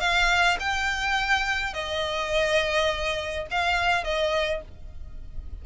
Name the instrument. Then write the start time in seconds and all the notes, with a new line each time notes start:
violin
0.00 F5
0.60 G5
1.74 D#5
3.51 F5
4.04 D#5